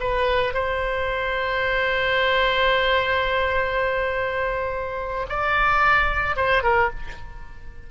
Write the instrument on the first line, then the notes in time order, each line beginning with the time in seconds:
oboe
0.00 B4
0.54 C5
5.29 D5
6.37 C5
6.63 A#4